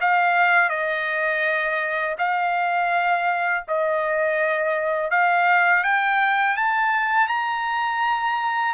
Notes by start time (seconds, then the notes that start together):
0.00 F5
0.69 D#5
2.18 F5
3.68 D#5
5.10 F5
5.83 G5
6.56 A5
7.27 A#5